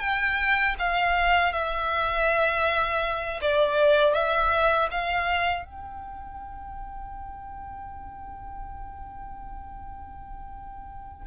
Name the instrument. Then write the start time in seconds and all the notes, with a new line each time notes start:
violin
0.00 G5
0.79 F5
1.53 E5
3.42 D5
4.14 E5
4.91 F5
5.65 G5